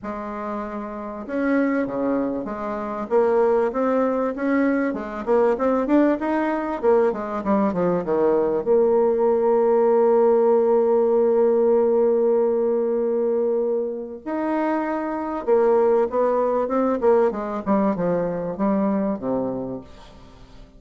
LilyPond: \new Staff \with { instrumentName = "bassoon" } { \time 4/4 \tempo 4 = 97 gis2 cis'4 cis4 | gis4 ais4 c'4 cis'4 | gis8 ais8 c'8 d'8 dis'4 ais8 gis8 | g8 f8 dis4 ais2~ |
ais1~ | ais2. dis'4~ | dis'4 ais4 b4 c'8 ais8 | gis8 g8 f4 g4 c4 | }